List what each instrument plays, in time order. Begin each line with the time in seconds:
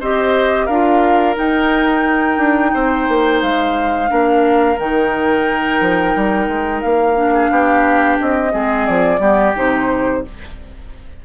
0.00 bassoon C4, clarinet G4, oboe C5, flute D#5
0.66 bassoon D4, clarinet F4, oboe A#4, flute F5
1.35 clarinet D#4, bassoon D#4, flute G5
2.37 bassoon D4
2.74 bassoon C4, oboe C5
3.08 bassoon A#3
3.42 bassoon G#3, flute F5
4.08 bassoon A#3, clarinet D4, oboe A#4
4.78 bassoon D#3, clarinet D#4, flute G5
5.80 bassoon F3
6.15 bassoon G3
6.48 bassoon G#3
6.81 bassoon A#3, flute F5
7.15 clarinet D4
7.33 oboe G#4
7.50 bassoon B3, oboe G4
8.20 bassoon C4, flute D#5
8.50 bassoon G#3, clarinet C4, oboe G#4
8.86 bassoon F3, flute D5
9.19 bassoon G3, clarinet B3, oboe G4
9.55 bassoon C3, clarinet D#4, flute C5